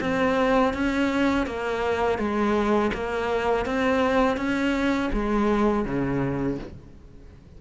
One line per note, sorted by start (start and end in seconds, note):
0.00 0.73 C4
0.73 1.46 C#4
1.46 2.18 A#3
2.18 2.91 G#3
2.93 3.65 A#3
3.65 4.37 C4
4.37 5.10 C#4
5.13 5.85 G#3
5.85 6.58 C#3